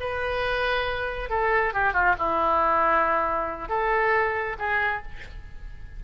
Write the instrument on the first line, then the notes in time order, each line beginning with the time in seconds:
oboe
0.00 B4
1.30 A4
1.73 G4
1.93 F4
2.18 E4
3.68 A4
4.58 G#4